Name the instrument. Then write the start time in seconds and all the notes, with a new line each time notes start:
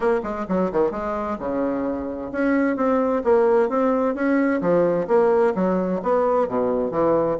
bassoon
0.00 A#3
0.23 G#3
0.48 F#3
0.72 D#3
0.91 G#3
1.38 C#3
2.31 C#4
2.76 C4
3.23 A#3
3.69 C4
4.14 C#4
4.61 F3
5.07 A#3
5.55 F#3
6.02 B3
6.48 B2
6.91 E3